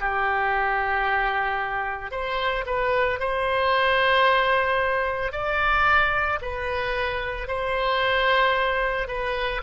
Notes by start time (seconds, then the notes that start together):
0.00 G4
2.11 C5
2.66 B4
3.20 C5
5.32 D5
6.42 B4
7.48 C5
9.08 B4